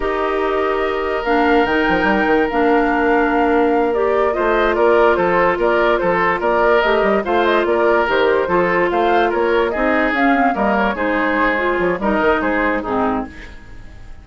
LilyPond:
<<
  \new Staff \with { instrumentName = "flute" } { \time 4/4 \tempo 4 = 145 dis''2. f''4 | g''2 f''2~ | f''4. d''4 dis''4 d''8~ | d''8 c''4 d''4 c''4 d''8~ |
d''8 dis''4 f''8 dis''8 d''4 c''8~ | c''4. f''4 cis''4 dis''8~ | dis''8 f''4 dis''8 cis''8 c''4.~ | c''8 cis''8 dis''4 c''4 gis'4 | }
  \new Staff \with { instrumentName = "oboe" } { \time 4/4 ais'1~ | ais'1~ | ais'2~ ais'8 c''4 ais'8~ | ais'8 a'4 ais'4 a'4 ais'8~ |
ais'4. c''4 ais'4.~ | ais'8 a'4 c''4 ais'4 gis'8~ | gis'4. ais'4 gis'4.~ | gis'4 ais'4 gis'4 dis'4 | }
  \new Staff \with { instrumentName = "clarinet" } { \time 4/4 g'2. d'4 | dis'2 d'2~ | d'4. g'4 f'4.~ | f'1~ |
f'8 g'4 f'2 g'8~ | g'8 f'2. dis'8~ | dis'8 cis'8 c'8 ais4 dis'4. | f'4 dis'2 c'4 | }
  \new Staff \with { instrumentName = "bassoon" } { \time 4/4 dis'2. ais4 | dis8 f8 g8 dis8 ais2~ | ais2~ ais8 a4 ais8~ | ais8 f4 ais4 f4 ais8~ |
ais8 a8 g8 a4 ais4 dis8~ | dis8 f4 a4 ais4 c'8~ | c'8 cis'4 g4 gis4.~ | gis8 f8 g8 dis8 gis4 gis,4 | }
>>